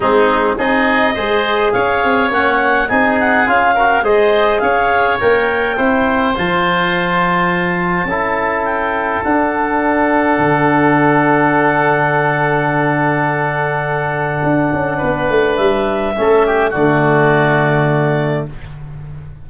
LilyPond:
<<
  \new Staff \with { instrumentName = "clarinet" } { \time 4/4 \tempo 4 = 104 gis'4 dis''2 f''4 | fis''4 gis''8 fis''8 f''4 dis''4 | f''4 g''2 a''4~ | a''2. g''4 |
fis''1~ | fis''1~ | fis''2. e''4~ | e''4 d''2. | }
  \new Staff \with { instrumentName = "oboe" } { \time 4/4 dis'4 gis'4 c''4 cis''4~ | cis''4 gis'4. ais'8 c''4 | cis''2 c''2~ | c''2 a'2~ |
a'1~ | a'1~ | a'2 b'2 | a'8 g'8 fis'2. | }
  \new Staff \with { instrumentName = "trombone" } { \time 4/4 c'4 dis'4 gis'2 | cis'4 dis'4 f'8 fis'8 gis'4~ | gis'4 ais'4 e'4 f'4~ | f'2 e'2 |
d'1~ | d'1~ | d'1 | cis'4 a2. | }
  \new Staff \with { instrumentName = "tuba" } { \time 4/4 gis4 c'4 gis4 cis'8 c'8 | ais4 c'4 cis'4 gis4 | cis'4 ais4 c'4 f4~ | f2 cis'2 |
d'2 d2~ | d1~ | d4 d'8 cis'8 b8 a8 g4 | a4 d2. | }
>>